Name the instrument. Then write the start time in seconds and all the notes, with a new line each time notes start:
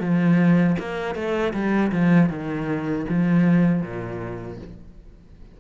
cello
0.00 F3
0.79 A#3
1.15 A3
1.53 G3
1.92 F3
2.29 D#3
3.09 F3
3.82 A#2